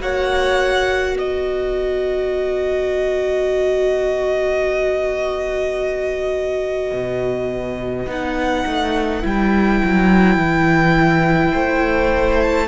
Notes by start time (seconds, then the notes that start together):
0.00 A#3 F#4 C#5 F#5
1.15 B3 B4 D#5
6.92 B2
8.07 B3 D#4 F#5
8.66 A3
9.22 G3 E4 G5
9.84 F#3
10.37 E3
11.52 A3 C5
12.42 A5